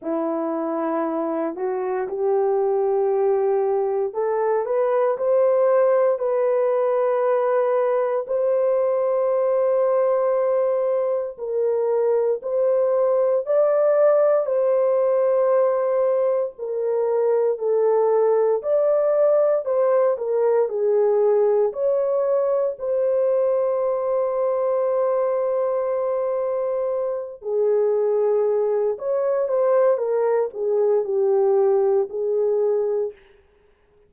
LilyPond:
\new Staff \with { instrumentName = "horn" } { \time 4/4 \tempo 4 = 58 e'4. fis'8 g'2 | a'8 b'8 c''4 b'2 | c''2. ais'4 | c''4 d''4 c''2 |
ais'4 a'4 d''4 c''8 ais'8 | gis'4 cis''4 c''2~ | c''2~ c''8 gis'4. | cis''8 c''8 ais'8 gis'8 g'4 gis'4 | }